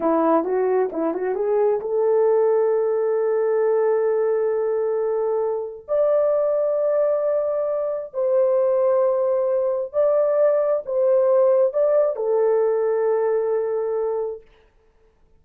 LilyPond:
\new Staff \with { instrumentName = "horn" } { \time 4/4 \tempo 4 = 133 e'4 fis'4 e'8 fis'8 gis'4 | a'1~ | a'1~ | a'4 d''2.~ |
d''2 c''2~ | c''2 d''2 | c''2 d''4 a'4~ | a'1 | }